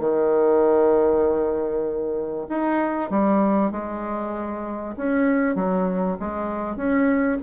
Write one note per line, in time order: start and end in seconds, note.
0.00 2.47 D#3
2.50 3.11 D#4
3.11 3.72 G3
3.72 4.96 G#3
4.97 5.56 C#4
5.56 6.18 F#3
6.20 6.76 G#3
6.76 7.38 C#4